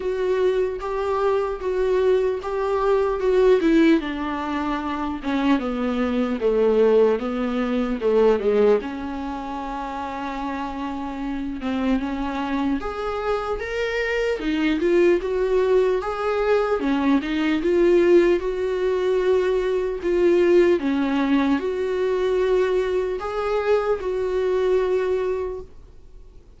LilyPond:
\new Staff \with { instrumentName = "viola" } { \time 4/4 \tempo 4 = 75 fis'4 g'4 fis'4 g'4 | fis'8 e'8 d'4. cis'8 b4 | a4 b4 a8 gis8 cis'4~ | cis'2~ cis'8 c'8 cis'4 |
gis'4 ais'4 dis'8 f'8 fis'4 | gis'4 cis'8 dis'8 f'4 fis'4~ | fis'4 f'4 cis'4 fis'4~ | fis'4 gis'4 fis'2 | }